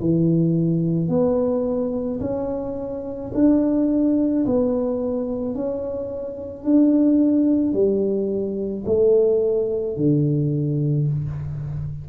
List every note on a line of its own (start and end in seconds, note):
0.00 1.08 E3
1.08 2.19 B3
2.20 3.31 C#4
3.34 4.45 D4
4.45 5.54 B3
5.54 6.64 C#4
6.64 7.73 D4
7.73 8.84 G3
8.85 9.96 A3
9.96 11.07 D3